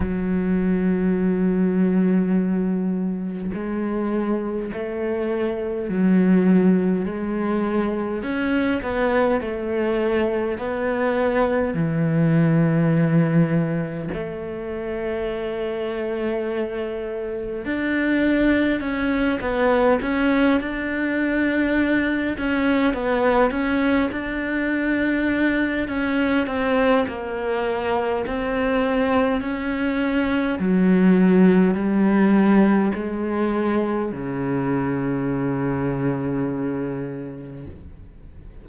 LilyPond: \new Staff \with { instrumentName = "cello" } { \time 4/4 \tempo 4 = 51 fis2. gis4 | a4 fis4 gis4 cis'8 b8 | a4 b4 e2 | a2. d'4 |
cis'8 b8 cis'8 d'4. cis'8 b8 | cis'8 d'4. cis'8 c'8 ais4 | c'4 cis'4 fis4 g4 | gis4 cis2. | }